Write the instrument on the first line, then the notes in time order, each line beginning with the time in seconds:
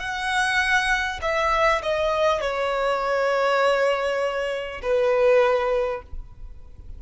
violin
0.00 F#5
1.22 E5
1.83 D#5
2.42 C#5
4.82 B4